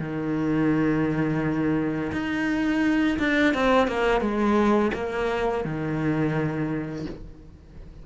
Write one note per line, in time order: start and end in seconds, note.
0.00 2.12 D#3
2.12 3.18 D#4
3.19 3.55 D4
3.55 3.88 C4
3.88 4.21 A#3
4.21 4.92 G#3
4.94 5.65 A#3
5.65 7.06 D#3